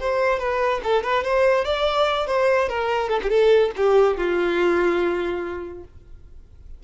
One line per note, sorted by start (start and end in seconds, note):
0.00 0.39 C5
0.39 0.81 B4
0.84 1.03 A4
1.03 1.24 B4
1.24 1.65 C5
1.65 2.27 D5
2.27 2.69 C5
2.69 3.09 A#4
3.09 3.20 A4
3.23 3.30 G4
3.30 3.71 A4
3.77 4.17 G4
4.17 5.84 F4